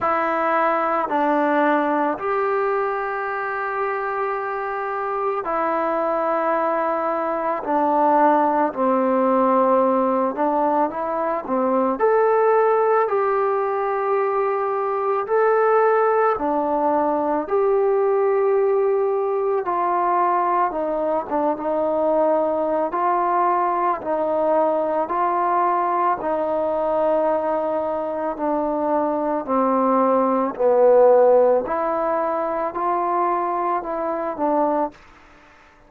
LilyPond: \new Staff \with { instrumentName = "trombone" } { \time 4/4 \tempo 4 = 55 e'4 d'4 g'2~ | g'4 e'2 d'4 | c'4. d'8 e'8 c'8 a'4 | g'2 a'4 d'4 |
g'2 f'4 dis'8 d'16 dis'16~ | dis'4 f'4 dis'4 f'4 | dis'2 d'4 c'4 | b4 e'4 f'4 e'8 d'8 | }